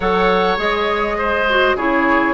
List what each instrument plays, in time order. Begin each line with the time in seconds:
0.00 bassoon F#3, clarinet A4, oboe C#5, flute F#5
0.57 bassoon G#3, clarinet G#4, flute D#5
1.18 oboe C5
1.49 clarinet F#4
1.75 bassoon C#3, clarinet E4, oboe G#4, flute C#5